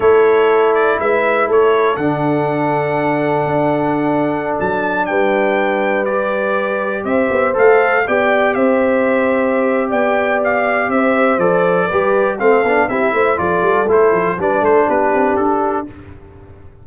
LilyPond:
<<
  \new Staff \with { instrumentName = "trumpet" } { \time 4/4 \tempo 4 = 121 cis''4. d''8 e''4 cis''4 | fis''1~ | fis''4~ fis''16 a''4 g''4.~ g''16~ | g''16 d''2 e''4 f''8.~ |
f''16 g''4 e''2~ e''8. | g''4 f''4 e''4 d''4~ | d''4 f''4 e''4 d''4 | c''4 d''8 c''8 b'4 a'4 | }
  \new Staff \with { instrumentName = "horn" } { \time 4/4 a'2 b'4 a'4~ | a'1~ | a'2~ a'16 b'4.~ b'16~ | b'2~ b'16 c''4.~ c''16~ |
c''16 d''4 c''2~ c''8. | d''2 c''2 | b'4 a'4 g'8 c''8 a'4~ | a'4 b'8 a'8 g'2 | }
  \new Staff \with { instrumentName = "trombone" } { \time 4/4 e'1 | d'1~ | d'1~ | d'16 g'2. a'8.~ |
a'16 g'2.~ g'8.~ | g'2. a'4 | g'4 c'8 d'8 e'4 f'4 | e'4 d'2. | }
  \new Staff \with { instrumentName = "tuba" } { \time 4/4 a2 gis4 a4 | d2. d'4~ | d'4~ d'16 fis4 g4.~ g16~ | g2~ g16 c'8 b8 a8.~ |
a16 b4 c'2~ c'8. | b2 c'4 f4 | g4 a8 b8 c'8 a8 f8 g8 | a8 f8 g8 a8 b8 c'8 d'4 | }
>>